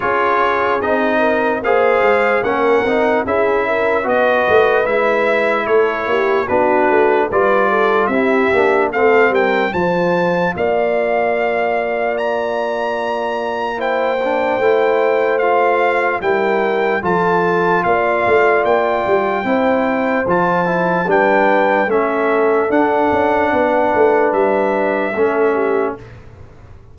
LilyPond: <<
  \new Staff \with { instrumentName = "trumpet" } { \time 4/4 \tempo 4 = 74 cis''4 dis''4 f''4 fis''4 | e''4 dis''4 e''4 cis''4 | b'4 d''4 e''4 f''8 g''8 | a''4 f''2 ais''4~ |
ais''4 g''2 f''4 | g''4 a''4 f''4 g''4~ | g''4 a''4 g''4 e''4 | fis''2 e''2 | }
  \new Staff \with { instrumentName = "horn" } { \time 4/4 gis'4. ais'8 c''4 ais'4 | gis'8 ais'8 b'2 a'8 g'8 | fis'4 b'8 a'8 g'4 a'8 ais'8 | c''4 d''2.~ |
d''4 c''2. | ais'4 a'4 d''2 | c''2 b'4 a'4~ | a'4 b'2 a'8 g'8 | }
  \new Staff \with { instrumentName = "trombone" } { \time 4/4 f'4 dis'4 gis'4 cis'8 dis'8 | e'4 fis'4 e'2 | d'4 f'4 e'8 d'8 c'4 | f'1~ |
f'4 e'8 d'8 e'4 f'4 | e'4 f'2. | e'4 f'8 e'8 d'4 cis'4 | d'2. cis'4 | }
  \new Staff \with { instrumentName = "tuba" } { \time 4/4 cis'4 c'4 ais8 gis8 ais8 c'8 | cis'4 b8 a8 gis4 a8 ais8 | b8 a8 g4 c'8 ais8 a8 g8 | f4 ais2.~ |
ais2 a2 | g4 f4 ais8 a8 ais8 g8 | c'4 f4 g4 a4 | d'8 cis'8 b8 a8 g4 a4 | }
>>